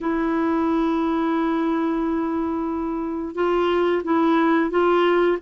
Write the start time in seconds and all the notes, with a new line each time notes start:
0.00 E4
3.34 F4
4.04 E4
4.70 F4